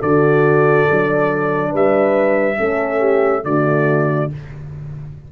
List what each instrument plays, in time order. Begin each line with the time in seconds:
0.00 tuba D3, horn F#4 A4, trumpet D5
0.91 tuba F#3, horn D4
1.71 tuba G3, horn B4, trumpet E5
2.57 tuba A3, horn C#4 A4
3.00 horn G4
3.44 tuba D3, horn A3 F#4, trumpet D5